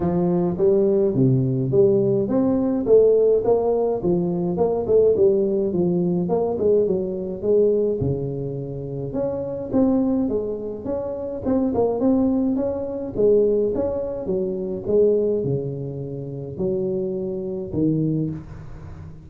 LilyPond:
\new Staff \with { instrumentName = "tuba" } { \time 4/4 \tempo 4 = 105 f4 g4 c4 g4 | c'4 a4 ais4 f4 | ais8 a8 g4 f4 ais8 gis8 | fis4 gis4 cis2 |
cis'4 c'4 gis4 cis'4 | c'8 ais8 c'4 cis'4 gis4 | cis'4 fis4 gis4 cis4~ | cis4 fis2 dis4 | }